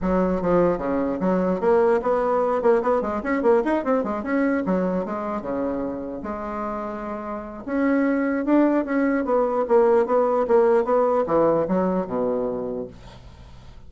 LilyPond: \new Staff \with { instrumentName = "bassoon" } { \time 4/4 \tempo 4 = 149 fis4 f4 cis4 fis4 | ais4 b4. ais8 b8 gis8 | cis'8 ais8 dis'8 c'8 gis8 cis'4 fis8~ | fis8 gis4 cis2 gis8~ |
gis2. cis'4~ | cis'4 d'4 cis'4 b4 | ais4 b4 ais4 b4 | e4 fis4 b,2 | }